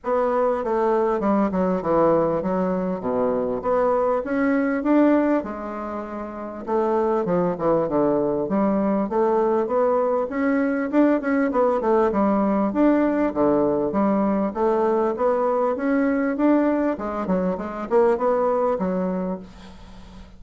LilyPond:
\new Staff \with { instrumentName = "bassoon" } { \time 4/4 \tempo 4 = 99 b4 a4 g8 fis8 e4 | fis4 b,4 b4 cis'4 | d'4 gis2 a4 | f8 e8 d4 g4 a4 |
b4 cis'4 d'8 cis'8 b8 a8 | g4 d'4 d4 g4 | a4 b4 cis'4 d'4 | gis8 fis8 gis8 ais8 b4 fis4 | }